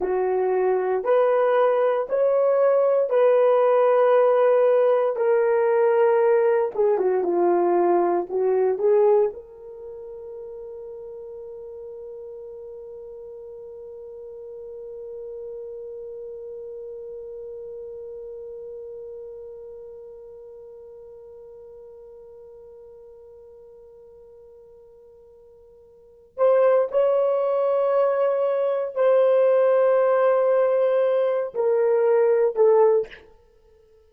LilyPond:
\new Staff \with { instrumentName = "horn" } { \time 4/4 \tempo 4 = 58 fis'4 b'4 cis''4 b'4~ | b'4 ais'4. gis'16 fis'16 f'4 | fis'8 gis'8 ais'2.~ | ais'1~ |
ais'1~ | ais'1~ | ais'4. c''8 cis''2 | c''2~ c''8 ais'4 a'8 | }